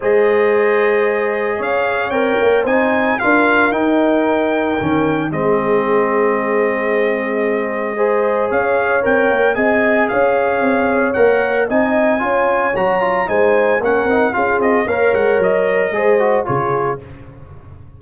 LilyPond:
<<
  \new Staff \with { instrumentName = "trumpet" } { \time 4/4 \tempo 4 = 113 dis''2. f''4 | g''4 gis''4 f''4 g''4~ | g''2 dis''2~ | dis''1 |
f''4 g''4 gis''4 f''4~ | f''4 fis''4 gis''2 | ais''4 gis''4 fis''4 f''8 dis''8 | f''8 fis''8 dis''2 cis''4 | }
  \new Staff \with { instrumentName = "horn" } { \time 4/4 c''2. cis''4~ | cis''4 c''4 ais'2~ | ais'2 gis'2~ | gis'2. c''4 |
cis''2 dis''4 cis''4~ | cis''2 dis''4 cis''4~ | cis''4 c''4 ais'4 gis'4 | cis''2 c''4 gis'4 | }
  \new Staff \with { instrumentName = "trombone" } { \time 4/4 gis'1 | ais'4 dis'4 f'4 dis'4~ | dis'4 cis'4 c'2~ | c'2. gis'4~ |
gis'4 ais'4 gis'2~ | gis'4 ais'4 dis'4 f'4 | fis'8 f'8 dis'4 cis'8 dis'8 f'4 | ais'2 gis'8 fis'8 f'4 | }
  \new Staff \with { instrumentName = "tuba" } { \time 4/4 gis2. cis'4 | c'8 ais8 c'4 d'4 dis'4~ | dis'4 dis4 gis2~ | gis1 |
cis'4 c'8 ais8 c'4 cis'4 | c'4 ais4 c'4 cis'4 | fis4 gis4 ais8 c'8 cis'8 c'8 | ais8 gis8 fis4 gis4 cis4 | }
>>